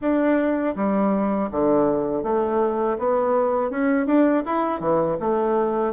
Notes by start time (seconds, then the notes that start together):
0.01 D4
0.75 G3
1.51 D3
2.23 A3
2.98 B3
3.70 C#4
4.06 D4
4.45 E4
4.79 E3
5.20 A3